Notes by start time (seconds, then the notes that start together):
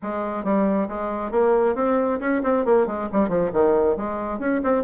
0.02 G#3
0.44 G3
0.88 G#3
1.31 A#3
1.75 C4
2.20 C#4
2.43 C4
2.65 A#3
2.86 G#3
3.12 G3
3.28 F3
3.52 D#3
3.96 G#3
4.39 C#4
4.63 C4